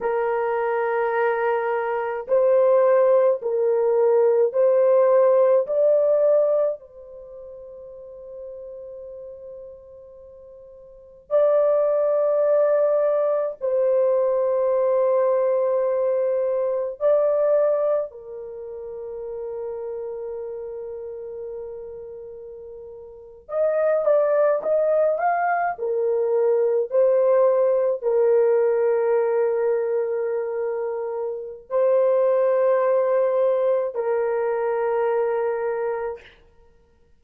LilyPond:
\new Staff \with { instrumentName = "horn" } { \time 4/4 \tempo 4 = 53 ais'2 c''4 ais'4 | c''4 d''4 c''2~ | c''2 d''2 | c''2. d''4 |
ais'1~ | ais'8. dis''8 d''8 dis''8 f''8 ais'4 c''16~ | c''8. ais'2.~ ais'16 | c''2 ais'2 | }